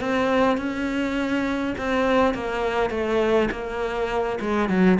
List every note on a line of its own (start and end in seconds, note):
0.00 0.57 C4
0.57 1.75 C#4
1.78 2.34 C4
2.34 2.90 A#3
2.90 3.49 A3
3.51 4.39 A#3
4.40 4.69 G#3
4.69 4.98 F#3